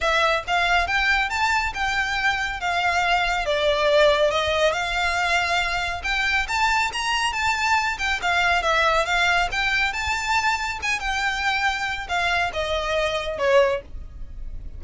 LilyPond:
\new Staff \with { instrumentName = "violin" } { \time 4/4 \tempo 4 = 139 e''4 f''4 g''4 a''4 | g''2 f''2 | d''2 dis''4 f''4~ | f''2 g''4 a''4 |
ais''4 a''4. g''8 f''4 | e''4 f''4 g''4 a''4~ | a''4 gis''8 g''2~ g''8 | f''4 dis''2 cis''4 | }